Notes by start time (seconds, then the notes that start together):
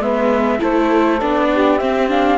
0.00 G#3 B3 B4 E5
0.59 A3 E4 A4 C5
1.21 B3 D4 D5
1.52 G4
1.78 C4 E5
2.08 D4 F5